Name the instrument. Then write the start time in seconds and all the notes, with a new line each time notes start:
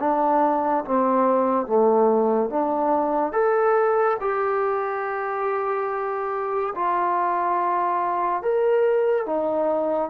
trombone
0.00 D4
0.85 C4
1.67 A3
2.50 D4
3.33 A4
4.21 G4
6.76 F4
8.43 A#4
9.27 D#4